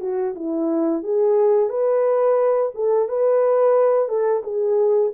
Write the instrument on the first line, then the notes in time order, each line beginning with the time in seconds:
horn
0.00 F#4
0.35 E4
1.03 G#4
1.69 B4
2.74 A4
3.08 B4
4.08 A4
4.43 G#4